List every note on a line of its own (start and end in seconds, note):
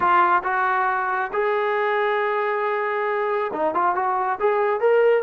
0.00 0.42 F4
0.43 1.31 F#4
1.32 3.51 G#4
3.53 3.74 D#4
3.74 3.95 F4
3.95 4.39 F#4
4.39 4.80 G#4
4.80 5.23 A#4